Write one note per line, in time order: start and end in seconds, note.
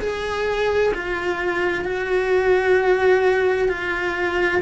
0.00 0.92 G#4
0.94 1.85 F4
1.85 3.68 F#4
3.68 4.61 F4